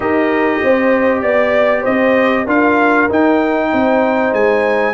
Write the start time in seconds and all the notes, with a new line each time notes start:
0.00 D#4 G4 A#4 D#5
0.63 C4 C5
1.21 B3 D5
1.82 C4 C5 D#5
2.44 D4 F4 A#4 F5
3.09 D#4 G5
3.72 C4 C5
4.32 G#3 G#5